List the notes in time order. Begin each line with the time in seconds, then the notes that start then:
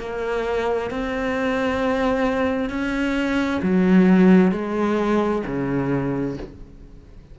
0.00 A#3
0.91 C4
2.70 C#4
3.63 F#3
4.52 G#3
5.47 C#3